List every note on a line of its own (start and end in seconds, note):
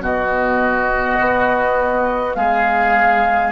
0.00 1.18 B2
0.00 3.52 B3
0.00 2.36 F#4
0.00 2.34 D#5
1.19 2.35 B3
2.34 3.52 G#3
2.34 3.52 G#4
2.34 3.51 F5